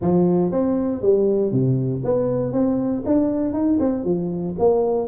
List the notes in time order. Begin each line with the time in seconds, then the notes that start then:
0.01 F3
0.51 C4
1.01 G3
1.52 C3
2.04 B3
2.52 C4
3.05 D4
3.53 D#4
3.79 C4
4.04 F3
4.58 A#3